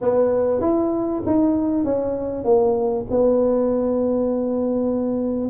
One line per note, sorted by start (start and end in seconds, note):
0.01 0.60 B3
0.60 1.22 E4
1.26 1.84 D#4
1.84 2.44 C#4
2.44 3.05 A#3
3.10 5.50 B3